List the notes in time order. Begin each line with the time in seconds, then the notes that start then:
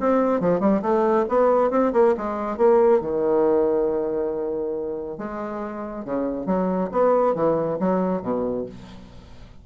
0.00 C4
0.41 F3
0.60 G3
0.82 A3
1.29 B3
1.71 C4
1.93 A#3
2.17 G#3
2.57 A#3
3.01 D#3
5.18 G#3
6.05 C#3
6.46 F#3
6.92 B3
7.35 E3
7.80 F#3
8.22 B2